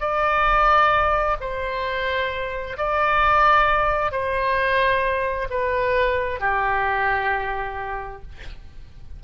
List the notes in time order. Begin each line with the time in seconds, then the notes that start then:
0.00 D5
1.40 C5
2.77 D5
4.12 C5
5.50 B4
6.40 G4